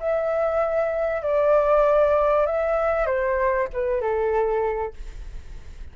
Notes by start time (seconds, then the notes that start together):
0.00 E5
1.23 D5
2.47 E5
3.06 C5
3.73 B4
4.01 A4